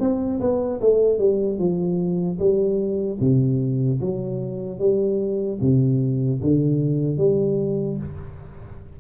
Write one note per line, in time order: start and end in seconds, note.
0.00 0.40 C4
0.40 0.80 B3
0.81 1.19 A3
1.19 1.59 G3
1.59 2.39 F3
2.39 3.19 G3
3.20 4.00 C3
4.01 4.79 F#3
4.79 5.59 G3
5.61 6.41 C3
6.42 7.17 D3
7.17 7.97 G3